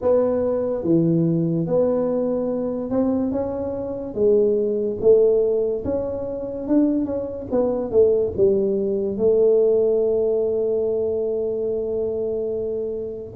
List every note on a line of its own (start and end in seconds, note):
0.01 0.83 B3
0.83 1.66 E3
1.66 2.90 B3
2.90 3.31 C4
3.31 4.14 C#4
4.14 4.97 G#3
5.00 5.84 A3
5.84 6.67 C#4
6.67 7.05 D4
7.05 7.46 C#4
7.51 7.91 B3
7.91 8.32 A3
8.36 9.17 G3
9.17 13.33 A3